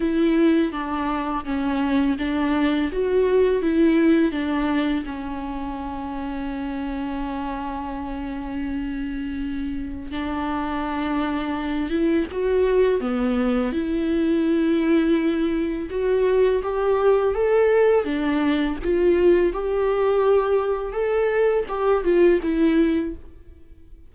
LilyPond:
\new Staff \with { instrumentName = "viola" } { \time 4/4 \tempo 4 = 83 e'4 d'4 cis'4 d'4 | fis'4 e'4 d'4 cis'4~ | cis'1~ | cis'2 d'2~ |
d'8 e'8 fis'4 b4 e'4~ | e'2 fis'4 g'4 | a'4 d'4 f'4 g'4~ | g'4 a'4 g'8 f'8 e'4 | }